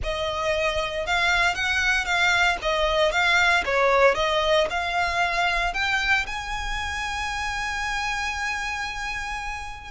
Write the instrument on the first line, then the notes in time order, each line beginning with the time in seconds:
violin
0.03 D#5
1.06 F5
1.54 F#5
2.05 F5
2.62 D#5
3.11 F5
3.65 C#5
4.15 D#5
4.70 F5
5.73 G5
6.26 G#5